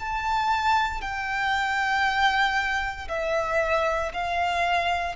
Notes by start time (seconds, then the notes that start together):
0.00 A5
1.02 G5
3.09 E5
4.13 F5